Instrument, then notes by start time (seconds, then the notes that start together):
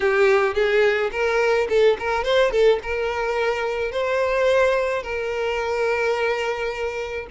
violin
0.00 G4
0.54 G#4
1.11 A#4
1.69 A4
1.99 A#4
2.24 C5
2.51 A4
2.82 A#4
3.91 C5
5.02 A#4